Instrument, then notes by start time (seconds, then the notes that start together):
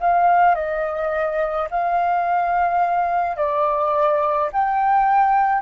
flute
0.00 F5
0.55 D#5
1.70 F5
3.36 D5
4.52 G5